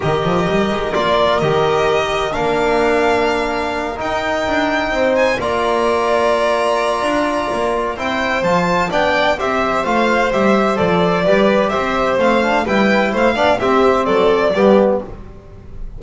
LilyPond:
<<
  \new Staff \with { instrumentName = "violin" } { \time 4/4 \tempo 4 = 128 dis''2 d''4 dis''4~ | dis''4 f''2.~ | f''8 g''2~ g''8 gis''8 ais''8~ | ais''1~ |
ais''4 g''4 a''4 g''4 | e''4 f''4 e''4 d''4~ | d''4 e''4 f''4 g''4 | f''4 e''4 d''2 | }
  \new Staff \with { instrumentName = "violin" } { \time 4/4 ais'1~ | ais'1~ | ais'2~ ais'8 c''4 d''8~ | d''1~ |
d''4 c''2 d''4 | c''1 | b'4 c''2 b'4 | c''8 d''8 g'4 a'4 g'4 | }
  \new Staff \with { instrumentName = "trombone" } { \time 4/4 g'2 f'4 g'4~ | g'4 d'2.~ | d'8 dis'2. f'8~ | f'1~ |
f'4 e'4 f'4 d'4 | g'4 f'4 g'4 a'4 | g'2 c'8 d'8 e'4~ | e'8 d'8 c'2 b4 | }
  \new Staff \with { instrumentName = "double bass" } { \time 4/4 dis8 f8 g8 gis8 ais4 dis4~ | dis4 ais2.~ | ais8 dis'4 d'4 c'4 ais8~ | ais2. d'4 |
ais4 c'4 f4 b4 | c'4 a4 g4 f4 | g4 c'4 a4 g4 | a8 b8 c'4 fis4 g4 | }
>>